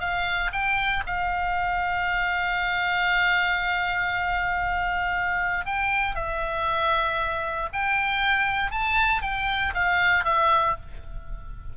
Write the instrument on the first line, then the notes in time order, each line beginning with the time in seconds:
oboe
0.00 F5
0.52 G5
1.06 F5
5.66 G5
6.15 E5
7.73 G5
8.71 A5
9.22 G5
9.74 F5
10.24 E5